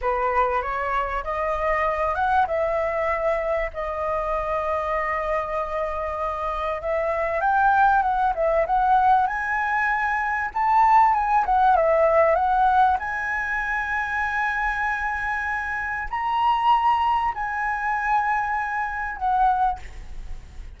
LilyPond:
\new Staff \with { instrumentName = "flute" } { \time 4/4 \tempo 4 = 97 b'4 cis''4 dis''4. fis''8 | e''2 dis''2~ | dis''2. e''4 | g''4 fis''8 e''8 fis''4 gis''4~ |
gis''4 a''4 gis''8 fis''8 e''4 | fis''4 gis''2.~ | gis''2 ais''2 | gis''2. fis''4 | }